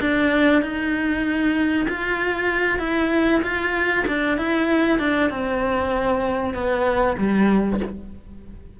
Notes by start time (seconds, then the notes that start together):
0.00 D4
0.62 D#4
1.88 F4
2.79 E4
3.42 F4
4.07 D4
4.38 E4
4.99 D4
5.30 C4
6.54 B3
7.17 G3